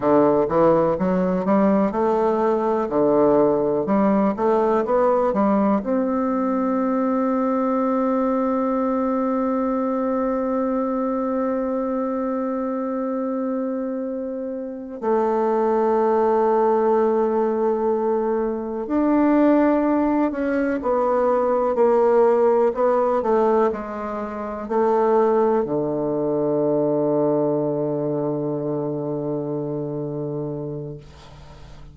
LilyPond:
\new Staff \with { instrumentName = "bassoon" } { \time 4/4 \tempo 4 = 62 d8 e8 fis8 g8 a4 d4 | g8 a8 b8 g8 c'2~ | c'1~ | c'2.~ c'8 a8~ |
a2.~ a8 d'8~ | d'4 cis'8 b4 ais4 b8 | a8 gis4 a4 d4.~ | d1 | }